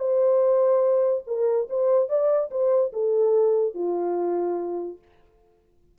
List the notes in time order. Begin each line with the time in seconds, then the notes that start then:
0.00 C5
1.27 A#4
1.70 C5
2.09 D5
2.51 C5
2.93 A4
3.75 F4